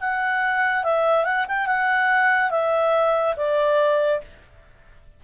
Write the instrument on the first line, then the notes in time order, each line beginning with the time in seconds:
clarinet
0.00 F#5
0.83 E5
1.24 F#5
1.48 G5
1.66 F#5
2.50 E5
3.36 D5